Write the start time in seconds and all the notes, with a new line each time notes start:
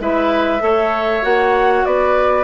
0.00 G#3 E4 B4 E5
0.60 A3 A4 C#5
1.22 A#3 F#4 F#5
1.85 B3 B4 D5